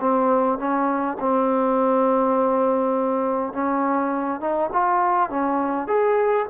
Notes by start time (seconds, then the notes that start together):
0.00 C4
0.58 C#4
1.20 C4
3.53 C#4
4.40 D#4
4.72 F4
5.30 C#4
5.87 G#4